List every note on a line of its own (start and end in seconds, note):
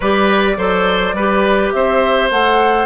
0.00 0.57 G3
0.00 0.56 G4
0.00 0.57 B4
0.00 1.71 D5
0.56 1.13 F#3
0.56 1.14 A4
0.56 1.15 C5
1.13 1.71 G3
1.13 2.31 G4
1.13 1.73 B4
1.71 2.30 C4
1.71 2.86 C5
1.71 2.29 E5
2.30 2.86 A3
2.30 2.86 A4
2.30 2.86 F#5